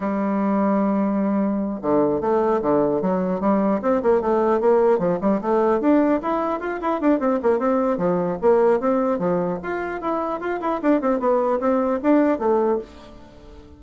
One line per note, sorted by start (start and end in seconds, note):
0.00 1.79 G3
1.81 2.21 D3
2.21 2.61 A3
2.61 3.01 D3
3.01 3.40 F#3
3.40 3.80 G3
3.81 4.01 C4
4.02 4.21 A#3
4.21 4.60 A3
4.60 4.98 A#3
4.98 5.18 F3
5.20 5.40 G3
5.41 5.80 A3
5.80 6.20 D4
6.22 6.60 E4
6.60 6.80 F4
6.81 7.01 E4
7.01 7.19 D4
7.19 7.39 C4
7.42 7.58 A#3
7.58 7.97 C4
7.97 8.37 F3
8.41 8.80 A#3
8.80 9.18 C4
9.18 9.58 F3
9.63 10.01 F4
10.01 10.40 E4
10.40 10.60 F4
10.61 10.81 E4
10.82 11.01 D4
11.01 11.19 C4
11.19 11.59 B3
11.60 12.00 C4
12.03 12.39 D4
12.39 12.79 A3